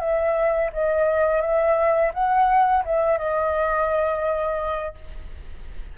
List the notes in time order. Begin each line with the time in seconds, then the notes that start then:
0.00 E5
0.73 D#5
1.41 E5
2.14 F#5
2.85 E5
3.18 D#5